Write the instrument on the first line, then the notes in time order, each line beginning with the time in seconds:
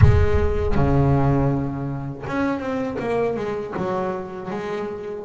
double bass
0.01 G#3
0.74 C#3
2.26 C#4
2.59 C4
2.99 A#3
3.36 G#3
3.76 F#3
4.50 G#3